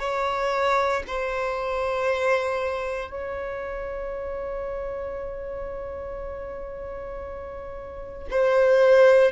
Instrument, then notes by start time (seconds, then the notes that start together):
violin
0.00 C#5
1.08 C5
3.11 C#5
8.31 C5